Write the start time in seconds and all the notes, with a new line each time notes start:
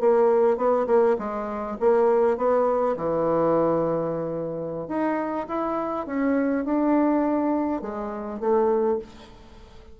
0.00 A#3
0.57 B3
0.87 A#3
1.18 G#3
1.80 A#3
2.37 B3
2.97 E3
4.88 D#4
5.48 E4
6.06 C#4
6.65 D4
7.82 G#3
8.40 A3